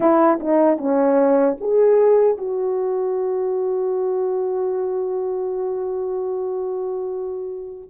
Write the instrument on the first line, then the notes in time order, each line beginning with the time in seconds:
horn
0.00 E4
0.39 D#4
0.77 C#4
1.60 G#4
2.37 F#4